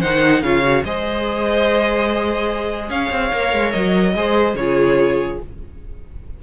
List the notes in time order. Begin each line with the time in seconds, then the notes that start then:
0.00 D#3 D#4 C5 F#5
0.42 C#3 F4 C#5 F5
0.62 F#4
0.84 G#3 G#4 C5 D#5
2.89 C#4 C#5 F5
3.11 C4
3.32 A#3 A#4
3.53 G#3
3.71 F#3 D#5
4.15 G#3 G#4 C5
4.54 C#3 F4 G#4 C#5